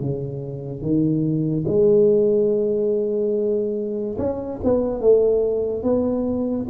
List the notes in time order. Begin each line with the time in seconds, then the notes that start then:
0.00 C#3
0.82 D#3
1.67 G#3
4.18 C#4
4.64 B3
5.01 A3
5.83 B3